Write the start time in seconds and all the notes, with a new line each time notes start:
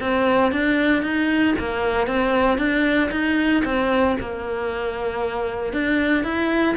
0.00 C4
0.52 D4
1.02 D#4
1.58 A#3
2.07 C4
2.58 D4
3.11 D#4
3.65 C4
4.20 A#3
5.73 D4
6.24 E4